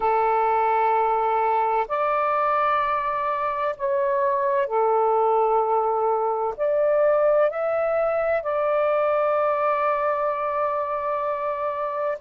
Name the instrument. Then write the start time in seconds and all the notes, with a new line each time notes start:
saxophone
0.00 A4
1.87 D5
3.77 C#5
4.66 A4
6.56 D5
7.50 E5
8.42 D5